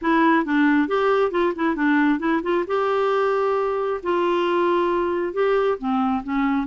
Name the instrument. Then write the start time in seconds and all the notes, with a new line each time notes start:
clarinet
0.01 E4
0.45 D4
0.88 G4
1.31 F4
1.55 E4
1.75 D4
2.19 E4
2.42 F4
2.67 G4
4.03 F4
5.33 G4
5.78 C4
6.23 C#4